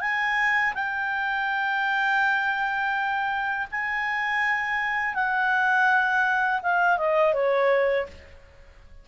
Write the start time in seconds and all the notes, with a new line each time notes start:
0.00 G#5
0.74 G5
3.71 G#5
5.14 F#5
6.62 F5
6.97 D#5
7.33 C#5